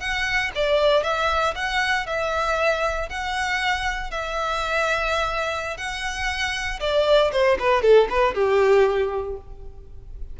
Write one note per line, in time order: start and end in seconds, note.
0.00 0.51 F#5
0.55 1.03 D5
1.03 1.54 E5
1.55 2.06 F#5
2.06 3.09 E5
3.09 4.11 F#5
4.11 5.77 E5
5.77 6.79 F#5
6.80 7.31 D5
7.32 7.58 C5
7.59 7.82 B4
7.82 8.08 A4
8.10 8.34 B4
8.34 9.37 G4